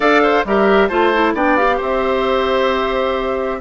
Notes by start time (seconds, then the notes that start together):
0.00 D4 A4 D5 F5
0.22 C5
0.45 G3 G4 A#4 E5
0.88 A3 F4 C5 A5
1.13 E4
1.33 B3 D4 D5 G5
1.56 G4 F5
1.77 C4 C5 E5